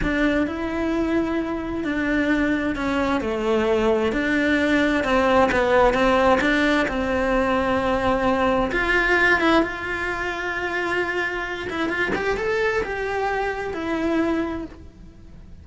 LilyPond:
\new Staff \with { instrumentName = "cello" } { \time 4/4 \tempo 4 = 131 d'4 e'2. | d'2 cis'4 a4~ | a4 d'2 c'4 | b4 c'4 d'4 c'4~ |
c'2. f'4~ | f'8 e'8 f'2.~ | f'4. e'8 f'8 g'8 a'4 | g'2 e'2 | }